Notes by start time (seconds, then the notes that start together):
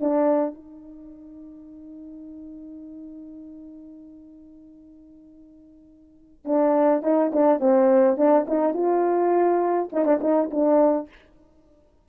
0.00 D4
0.54 D#4
6.45 D4
7.03 D#4
7.32 D4
7.59 C4
8.17 D4
8.47 D#4
8.74 F4
9.92 D#4
10.05 D4
10.21 D#4
10.51 D4